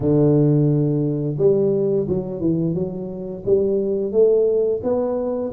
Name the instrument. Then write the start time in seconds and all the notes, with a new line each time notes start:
tuba
0.00 D3
1.38 G3
2.08 F#3
2.40 E3
2.74 F#3
3.45 G3
4.12 A3
4.83 B3